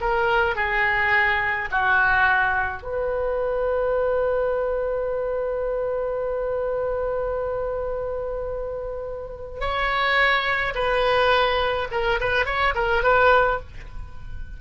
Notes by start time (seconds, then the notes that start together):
0.00 A#4
0.55 G#4
1.71 F#4
2.83 B4
9.60 C#5
10.75 B4
11.91 A#4
12.20 B4
12.46 C#5
12.75 A#4
13.03 B4